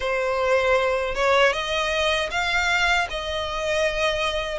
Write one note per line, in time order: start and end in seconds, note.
0.00 1.14 C5
1.14 1.52 C#5
1.52 2.29 D#5
2.30 3.07 F5
3.10 4.58 D#5